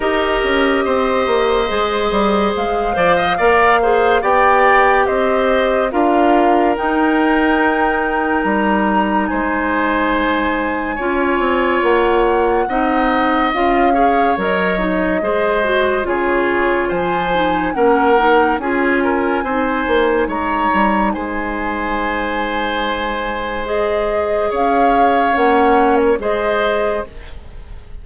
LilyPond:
<<
  \new Staff \with { instrumentName = "flute" } { \time 4/4 \tempo 4 = 71 dis''2. f''4~ | f''4 g''4 dis''4 f''4 | g''2 ais''4 gis''4~ | gis''2 fis''2 |
f''4 dis''2 cis''4 | gis''4 fis''4 gis''2 | ais''4 gis''2. | dis''4 f''4 fis''8. ais'16 dis''4 | }
  \new Staff \with { instrumentName = "oboe" } { \time 4/4 ais'4 c''2~ c''8 d''16 dis''16 | d''8 c''8 d''4 c''4 ais'4~ | ais'2. c''4~ | c''4 cis''2 dis''4~ |
dis''8 cis''4. c''4 gis'4 | c''4 ais'4 gis'8 ais'8 c''4 | cis''4 c''2.~ | c''4 cis''2 c''4 | }
  \new Staff \with { instrumentName = "clarinet" } { \time 4/4 g'2 gis'4. c''8 | ais'8 gis'8 g'2 f'4 | dis'1~ | dis'4 f'2 dis'4 |
f'8 gis'8 ais'8 dis'8 gis'8 fis'8 f'4~ | f'8 dis'8 cis'8 dis'8 f'4 dis'4~ | dis'1 | gis'2 cis'4 gis'4 | }
  \new Staff \with { instrumentName = "bassoon" } { \time 4/4 dis'8 cis'8 c'8 ais8 gis8 g8 gis8 f8 | ais4 b4 c'4 d'4 | dis'2 g4 gis4~ | gis4 cis'8 c'8 ais4 c'4 |
cis'4 fis4 gis4 cis4 | f4 ais4 cis'4 c'8 ais8 | gis8 g8 gis2.~ | gis4 cis'4 ais4 gis4 | }
>>